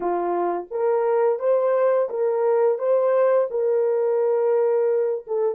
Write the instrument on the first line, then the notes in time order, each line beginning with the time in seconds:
horn
0.00 F4
0.70 A#4
1.39 C5
2.09 A#4
2.78 C5
3.50 A#4
5.27 A4